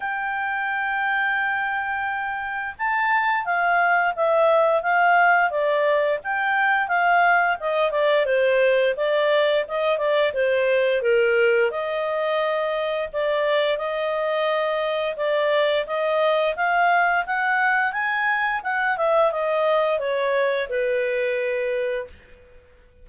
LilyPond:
\new Staff \with { instrumentName = "clarinet" } { \time 4/4 \tempo 4 = 87 g''1 | a''4 f''4 e''4 f''4 | d''4 g''4 f''4 dis''8 d''8 | c''4 d''4 dis''8 d''8 c''4 |
ais'4 dis''2 d''4 | dis''2 d''4 dis''4 | f''4 fis''4 gis''4 fis''8 e''8 | dis''4 cis''4 b'2 | }